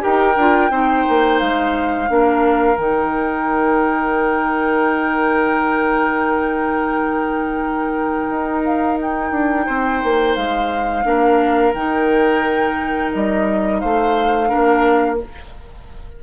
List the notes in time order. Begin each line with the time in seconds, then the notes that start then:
0.00 D#4 G4 A#4 G5
0.37 D4 F4
0.70 C4 D#4 C5
1.09 A#3
1.40 G#3 F5
2.08 A#3 D4 A#4
2.77 D#3 D#4 G5
8.30 D#4
8.64 F5
9.02 G5
9.32 D4
9.67 C4 C5
10.04 A#3
10.36 G#3 F5
11.04 A#3 D4 A#4
11.74 D#3 D#4 G5
13.13 G3 D#5
13.80 A3 C5 F5
14.48 D4 A#4
14.55 A#3